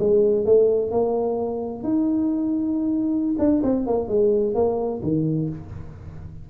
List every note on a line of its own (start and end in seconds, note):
0.00 0.46 G#3
0.46 0.92 A3
0.92 1.84 A#3
1.84 3.36 D#4
3.39 3.62 D4
3.63 3.87 C4
3.87 4.08 A#3
4.08 4.55 G#3
4.55 5.02 A#3
5.03 5.50 D#3